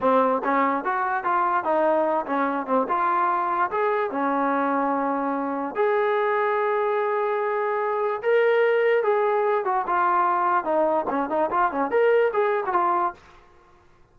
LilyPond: \new Staff \with { instrumentName = "trombone" } { \time 4/4 \tempo 4 = 146 c'4 cis'4 fis'4 f'4 | dis'4. cis'4 c'8 f'4~ | f'4 gis'4 cis'2~ | cis'2 gis'2~ |
gis'1 | ais'2 gis'4. fis'8 | f'2 dis'4 cis'8 dis'8 | f'8 cis'8 ais'4 gis'8. fis'16 f'4 | }